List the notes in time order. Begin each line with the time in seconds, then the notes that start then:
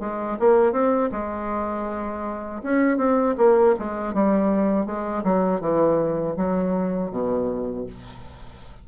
0.00 G#3
0.40 A#3
0.72 C4
1.12 G#3
2.63 C#4
2.98 C4
3.38 A#3
3.79 G#3
4.14 G3
4.86 G#3
5.24 F#3
5.61 E3
6.37 F#3
7.11 B2